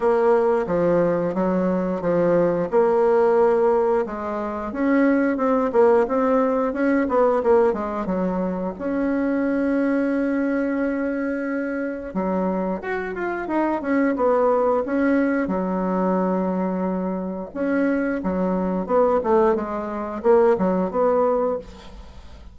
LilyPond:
\new Staff \with { instrumentName = "bassoon" } { \time 4/4 \tempo 4 = 89 ais4 f4 fis4 f4 | ais2 gis4 cis'4 | c'8 ais8 c'4 cis'8 b8 ais8 gis8 | fis4 cis'2.~ |
cis'2 fis4 fis'8 f'8 | dis'8 cis'8 b4 cis'4 fis4~ | fis2 cis'4 fis4 | b8 a8 gis4 ais8 fis8 b4 | }